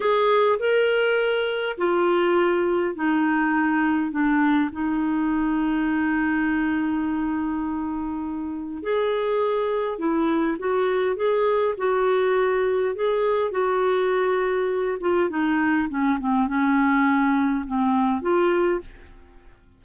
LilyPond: \new Staff \with { instrumentName = "clarinet" } { \time 4/4 \tempo 4 = 102 gis'4 ais'2 f'4~ | f'4 dis'2 d'4 | dis'1~ | dis'2. gis'4~ |
gis'4 e'4 fis'4 gis'4 | fis'2 gis'4 fis'4~ | fis'4. f'8 dis'4 cis'8 c'8 | cis'2 c'4 f'4 | }